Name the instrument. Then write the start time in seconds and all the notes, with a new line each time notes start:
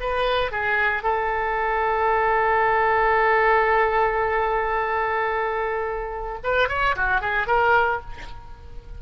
oboe
0.00 B4
0.51 G#4
1.03 A4
6.43 B4
6.68 C#5
6.96 F#4
7.21 G#4
7.47 A#4